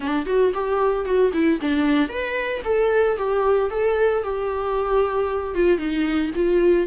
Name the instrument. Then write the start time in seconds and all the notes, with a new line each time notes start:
viola
0.00 D4
0.26 F#4
0.54 G4
1.05 F#4
1.33 E4
1.61 D4
2.08 B4
2.64 A4
3.17 G4
3.70 A4
4.23 G4
5.54 F4
5.78 D#4
6.35 F4